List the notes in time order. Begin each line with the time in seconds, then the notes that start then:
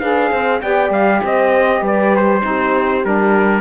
0.00 D4 G#4 B4 F5
0.32 C4 C5
0.62 B3 G4 D5 G5
0.91 G3 F5
1.24 C4 C5 D#5
1.82 G3 B4 D5
2.17 C5
2.41 C4 D#4 G4
3.04 G3 D4 A#4